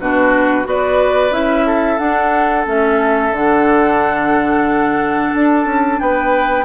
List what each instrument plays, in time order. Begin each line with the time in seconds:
0.00 bassoon B2, clarinet D4, oboe F#4, flute B4
0.65 bassoon B3, clarinet F#4, oboe B4, flute D5
1.31 bassoon C#4, clarinet E4, flute E5
1.67 oboe A4
1.98 bassoon D4, clarinet D4, flute F#5
2.66 bassoon A3, clarinet C#4, flute E5
3.32 bassoon D3, clarinet D4, flute F#5
5.33 bassoon D4, flute A5
5.66 bassoon C#4
6.00 bassoon B3, oboe B4, flute G5